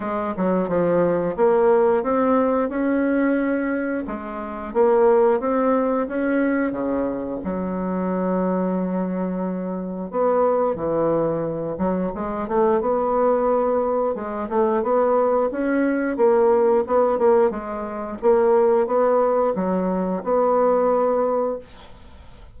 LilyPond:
\new Staff \with { instrumentName = "bassoon" } { \time 4/4 \tempo 4 = 89 gis8 fis8 f4 ais4 c'4 | cis'2 gis4 ais4 | c'4 cis'4 cis4 fis4~ | fis2. b4 |
e4. fis8 gis8 a8 b4~ | b4 gis8 a8 b4 cis'4 | ais4 b8 ais8 gis4 ais4 | b4 fis4 b2 | }